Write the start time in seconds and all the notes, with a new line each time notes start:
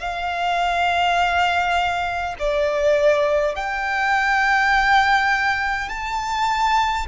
0.00 F5
2.40 D5
3.56 G5
5.89 A5